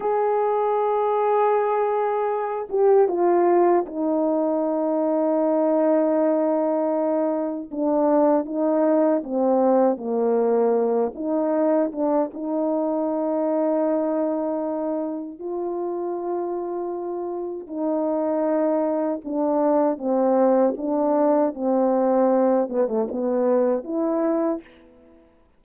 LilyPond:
\new Staff \with { instrumentName = "horn" } { \time 4/4 \tempo 4 = 78 gis'2.~ gis'8 g'8 | f'4 dis'2.~ | dis'2 d'4 dis'4 | c'4 ais4. dis'4 d'8 |
dis'1 | f'2. dis'4~ | dis'4 d'4 c'4 d'4 | c'4. b16 a16 b4 e'4 | }